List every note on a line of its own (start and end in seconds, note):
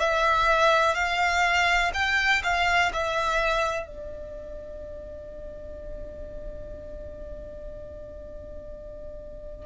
0.00 0.95 E5
0.95 1.91 F5
1.94 2.42 G5
2.44 2.92 F5
2.93 3.87 E5
3.87 9.66 D5